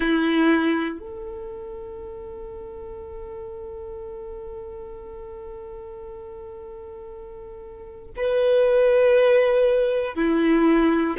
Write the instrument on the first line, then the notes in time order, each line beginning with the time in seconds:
violin
0.00 E4
0.99 A4
8.16 B4
10.15 E4